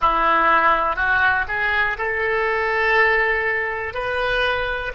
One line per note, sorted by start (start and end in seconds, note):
0.00 0.96 E4
0.96 1.45 F#4
1.48 1.97 G#4
1.98 3.93 A4
3.93 4.92 B4